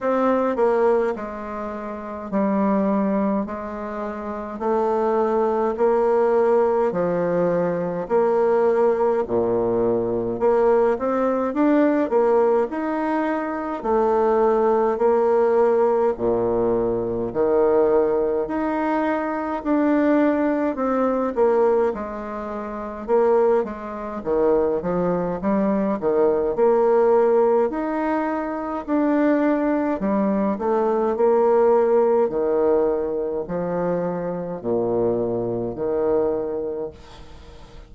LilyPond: \new Staff \with { instrumentName = "bassoon" } { \time 4/4 \tempo 4 = 52 c'8 ais8 gis4 g4 gis4 | a4 ais4 f4 ais4 | ais,4 ais8 c'8 d'8 ais8 dis'4 | a4 ais4 ais,4 dis4 |
dis'4 d'4 c'8 ais8 gis4 | ais8 gis8 dis8 f8 g8 dis8 ais4 | dis'4 d'4 g8 a8 ais4 | dis4 f4 ais,4 dis4 | }